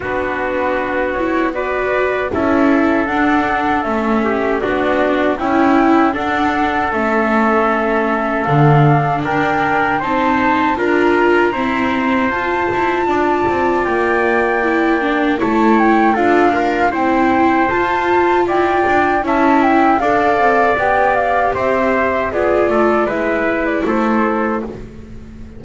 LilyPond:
<<
  \new Staff \with { instrumentName = "flute" } { \time 4/4 \tempo 4 = 78 b'4. cis''8 d''4 e''4 | fis''4 e''4 d''4 g''4 | fis''4 e''2 f''4 | g''4 a''4 ais''2 |
a''2 g''2 | a''8 g''8 f''4 g''4 a''4 | g''4 a''8 g''8 f''4 g''8 f''8 | e''4 d''4 e''8. d''16 c''4 | }
  \new Staff \with { instrumentName = "trumpet" } { \time 4/4 fis'2 b'4 a'4~ | a'4. g'8 fis'4 e'4 | a'1 | ais'4 c''4 ais'4 c''4~ |
c''4 d''2. | cis''4 a'8 f'8 c''2 | d''4 e''4 d''2 | c''4 gis'8 a'8 b'4 a'4 | }
  \new Staff \with { instrumentName = "viola" } { \time 4/4 d'4. e'8 fis'4 e'4 | d'4 cis'4 d'4 e'4 | d'4 cis'2 d'4~ | d'4 dis'4 f'4 c'4 |
f'2. e'8 d'8 | e'4 f'8 ais'8 e'4 f'4~ | f'4 e'4 a'4 g'4~ | g'4 f'4 e'2 | }
  \new Staff \with { instrumentName = "double bass" } { \time 4/4 b2. cis'4 | d'4 a4 b4 cis'4 | d'4 a2 d4 | d'4 c'4 d'4 e'4 |
f'8 e'8 d'8 c'8 ais2 | a4 d'4 c'4 f'4 | e'8 d'8 cis'4 d'8 c'8 b4 | c'4 b8 a8 gis4 a4 | }
>>